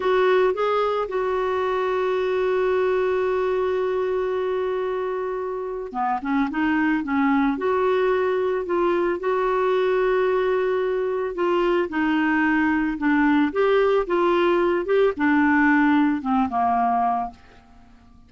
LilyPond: \new Staff \with { instrumentName = "clarinet" } { \time 4/4 \tempo 4 = 111 fis'4 gis'4 fis'2~ | fis'1~ | fis'2. b8 cis'8 | dis'4 cis'4 fis'2 |
f'4 fis'2.~ | fis'4 f'4 dis'2 | d'4 g'4 f'4. g'8 | d'2 c'8 ais4. | }